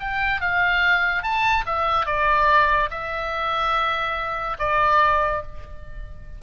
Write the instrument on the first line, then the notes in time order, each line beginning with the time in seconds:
oboe
0.00 G5
0.41 F5
1.22 A5
1.66 E5
2.06 D5
2.91 E5
4.59 D5